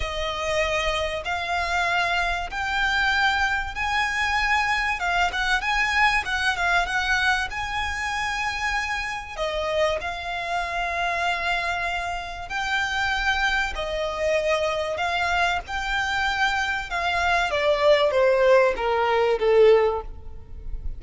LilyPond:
\new Staff \with { instrumentName = "violin" } { \time 4/4 \tempo 4 = 96 dis''2 f''2 | g''2 gis''2 | f''8 fis''8 gis''4 fis''8 f''8 fis''4 | gis''2. dis''4 |
f''1 | g''2 dis''2 | f''4 g''2 f''4 | d''4 c''4 ais'4 a'4 | }